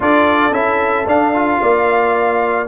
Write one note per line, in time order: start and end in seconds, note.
0.00 0.52 D4
0.00 0.52 F4
0.00 1.61 A4
0.00 0.53 D5
0.52 1.06 C#4
0.52 1.06 E4
0.52 1.07 E5
1.06 1.60 D4
1.06 1.34 D4
1.06 2.67 F5
1.34 2.67 F4
1.61 2.67 A#3
1.61 2.67 D5